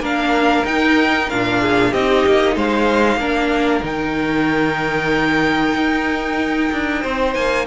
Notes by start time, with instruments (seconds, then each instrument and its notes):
0.00 cello A#3, viola D4, violin A#4 F5
0.65 cello D#4, viola D#4, violin G5
1.30 cello A#2, viola D4, violin F5
1.62 violin G#4
1.91 cello C4, viola D#4, violin G4 D#5
2.27 cello A#3
2.56 cello G#3, violin C5 F5
3.17 cello A#3, viola D4, violin A#4
3.83 cello D#3, viola D#4, violin G5
5.75 cello D#4
6.73 cello D4
7.02 cello C4, violin C5
7.35 cello A#3, violin G#5